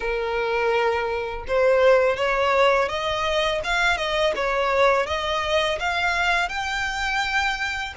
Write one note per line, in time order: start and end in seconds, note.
0.00 1.45 A#4
1.47 2.16 C5
2.16 2.88 C#5
2.88 3.61 D#5
3.63 3.97 F5
3.97 4.33 D#5
4.35 5.06 C#5
5.06 5.78 D#5
5.79 6.49 F5
6.49 7.93 G5